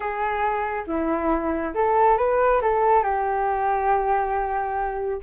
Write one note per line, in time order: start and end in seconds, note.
0.00 0.84 G#4
0.87 1.74 E4
1.74 2.17 A4
2.17 2.61 B4
2.61 3.03 A4
3.03 5.20 G4